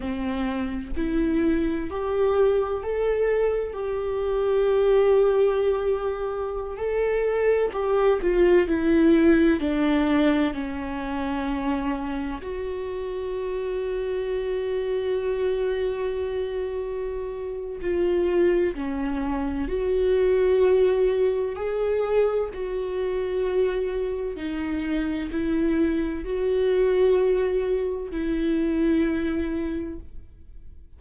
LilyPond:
\new Staff \with { instrumentName = "viola" } { \time 4/4 \tempo 4 = 64 c'4 e'4 g'4 a'4 | g'2.~ g'16 a'8.~ | a'16 g'8 f'8 e'4 d'4 cis'8.~ | cis'4~ cis'16 fis'2~ fis'8.~ |
fis'2. f'4 | cis'4 fis'2 gis'4 | fis'2 dis'4 e'4 | fis'2 e'2 | }